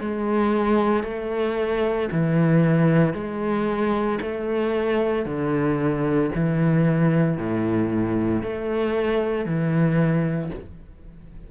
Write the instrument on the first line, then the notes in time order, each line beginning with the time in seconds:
cello
0.00 G#3
1.03 A3
2.12 E3
3.14 G#3
4.22 A3
5.25 D3
6.35 E3
7.37 A2
8.43 A3
9.45 E3